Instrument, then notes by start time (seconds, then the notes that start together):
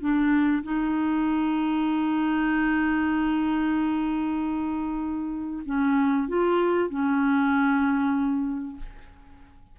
clarinet
0.00 D4
0.63 D#4
5.65 C#4
6.28 F4
6.89 C#4